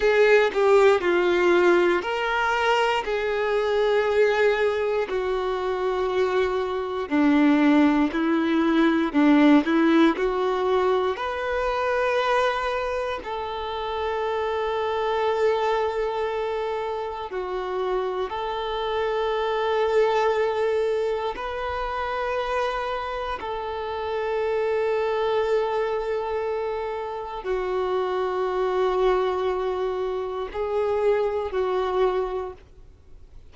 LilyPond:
\new Staff \with { instrumentName = "violin" } { \time 4/4 \tempo 4 = 59 gis'8 g'8 f'4 ais'4 gis'4~ | gis'4 fis'2 d'4 | e'4 d'8 e'8 fis'4 b'4~ | b'4 a'2.~ |
a'4 fis'4 a'2~ | a'4 b'2 a'4~ | a'2. fis'4~ | fis'2 gis'4 fis'4 | }